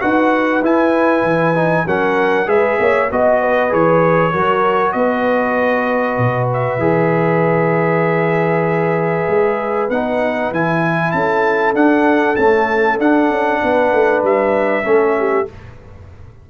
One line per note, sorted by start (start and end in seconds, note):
0.00 0.61 D#4
0.00 0.62 F#4
0.00 1.86 B4
0.00 0.63 F#5
0.61 1.23 E4
0.61 1.55 E4
0.61 1.88 G#5
1.23 1.85 E3
1.55 1.86 D#4
1.85 2.47 F#3
1.85 2.46 C#4
1.85 2.48 A#4
1.85 2.49 F#5
2.46 2.78 G#3
2.46 3.08 G#4
2.46 2.79 B4
2.46 3.10 E5
2.79 3.10 A#3
2.79 3.11 C#5
3.11 3.73 B3
3.11 3.69 F#4
3.11 3.73 D#5
3.11 3.42 D#5
3.42 4.32 B4
3.69 4.34 E3
3.69 4.31 G#4
3.69 4.92 C#5
4.32 4.94 F#3
4.32 6.80 F#4
4.32 4.94 A#4
4.92 6.18 B3
4.92 11.14 B4
4.92 6.47 D#5
6.18 6.78 B2
6.53 9.90 E5
6.78 9.25 E3
6.78 9.89 G#4
9.28 9.89 G#3
9.89 10.51 B3
9.89 10.53 D#4
9.89 10.52 F#5
10.51 11.13 E3
10.51 11.74 E4
10.51 11.11 G#5
11.11 11.74 C#4
11.11 13.62 A4
11.11 11.73 A5
11.74 12.36 D4
11.74 12.36 F#5
12.36 12.99 A3
12.36 12.99 C#4
12.36 12.98 A5
12.99 13.30 D4
12.99 14.83 D4
12.99 14.24 F#5
13.30 13.61 C#4
13.62 13.93 B3
13.62 14.84 B4
13.93 14.23 A3
14.23 14.85 G3
14.23 15.49 E5
14.83 15.47 A3
14.83 15.45 C#4
14.83 15.15 A4
15.19 15.49 G4